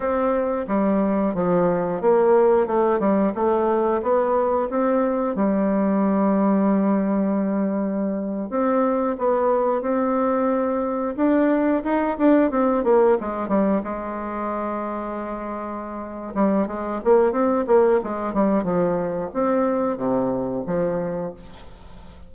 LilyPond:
\new Staff \with { instrumentName = "bassoon" } { \time 4/4 \tempo 4 = 90 c'4 g4 f4 ais4 | a8 g8 a4 b4 c'4 | g1~ | g8. c'4 b4 c'4~ c'16~ |
c'8. d'4 dis'8 d'8 c'8 ais8 gis16~ | gis16 g8 gis2.~ gis16~ | gis8 g8 gis8 ais8 c'8 ais8 gis8 g8 | f4 c'4 c4 f4 | }